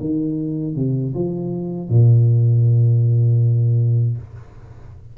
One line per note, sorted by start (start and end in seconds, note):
0.00 0.75 D#3
0.75 1.13 C3
1.14 1.89 F3
1.89 4.17 A#2